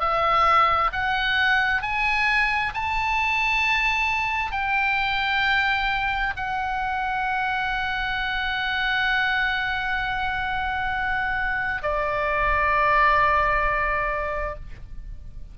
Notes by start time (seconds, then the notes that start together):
0.00 E5
0.92 F#5
1.82 G#5
2.74 A5
4.52 G5
6.36 F#5
11.83 D5